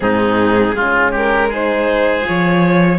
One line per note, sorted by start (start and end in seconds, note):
0.00 0.74 G#2
0.00 0.74 C4
0.00 0.75 D#4
0.00 1.12 G#4
0.74 2.24 G#3
0.74 1.50 C#4
0.74 1.11 F4
1.11 1.48 G4
1.11 1.53 A#4
1.48 2.21 D#4
1.48 2.98 G#4
1.48 2.26 C5
2.21 2.96 F4
2.21 2.99 C#5
2.29 2.99 F3